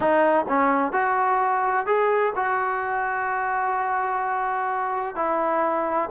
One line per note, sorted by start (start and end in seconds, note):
0.00 0.45 D#4
0.48 0.92 C#4
0.92 1.86 F#4
1.86 2.33 G#4
2.35 5.15 F#4
5.15 6.09 E4